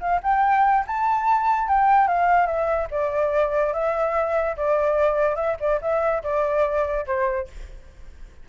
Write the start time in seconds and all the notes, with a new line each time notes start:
0.00 F5
0.23 G5
0.87 A5
1.68 G5
2.08 F5
2.47 E5
2.91 D5
3.74 E5
4.57 D5
5.36 E5
5.60 D5
5.82 E5
6.23 D5
7.06 C5